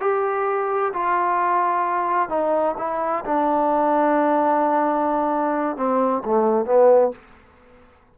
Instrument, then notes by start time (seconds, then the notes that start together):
trombone
0.00 G4
0.93 F4
2.29 D#4
2.78 E4
3.25 D4
5.76 C4
6.25 A3
6.65 B3